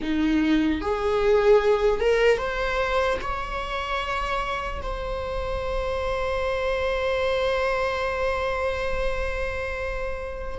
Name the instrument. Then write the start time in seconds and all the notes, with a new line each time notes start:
viola
0.01 D#4
0.81 G#4
2.00 A#4
2.37 C5
3.21 C#5
4.81 C5